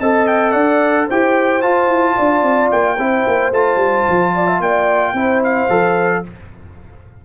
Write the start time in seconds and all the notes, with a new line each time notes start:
0.00 C4 A4 D#5 A5
0.28 G5
0.52 D4 D5 F#5
1.07 E4 G4 C5 G5
1.62 F4 A5
1.88 E4
2.17 D4 D5
2.43 C4
2.72 A#3 G5
2.98 C4 E4 C5
3.28 A#3
3.52 A3 F4 A5
3.77 G3
4.09 F3
4.35 D5
4.47 E5
4.60 A#3 D5 G5
5.13 C4 E4 C5
5.44 F5
5.70 F3 A4